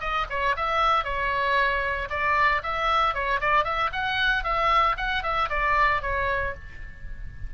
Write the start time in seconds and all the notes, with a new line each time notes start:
0.00 D#5
0.30 C#5
0.56 E5
1.04 C#5
2.10 D5
2.63 E5
3.14 C#5
3.41 D5
3.64 E5
3.93 F#5
4.44 E5
4.97 F#5
5.23 E5
5.49 D5
6.02 C#5